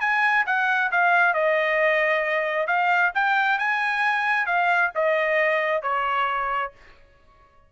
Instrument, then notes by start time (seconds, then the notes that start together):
trumpet
0.00 G#5
0.46 F#5
0.91 F5
1.34 D#5
2.67 F5
3.14 G5
3.58 G#5
4.46 F5
4.95 D#5
5.82 C#5